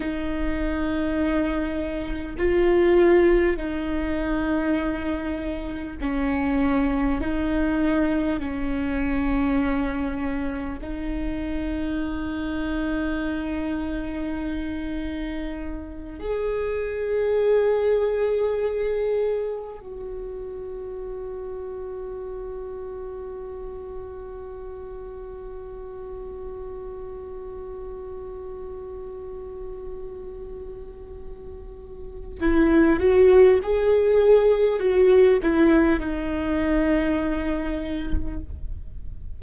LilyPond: \new Staff \with { instrumentName = "viola" } { \time 4/4 \tempo 4 = 50 dis'2 f'4 dis'4~ | dis'4 cis'4 dis'4 cis'4~ | cis'4 dis'2.~ | dis'4. gis'2~ gis'8~ |
gis'8 fis'2.~ fis'8~ | fis'1~ | fis'2. e'8 fis'8 | gis'4 fis'8 e'8 dis'2 | }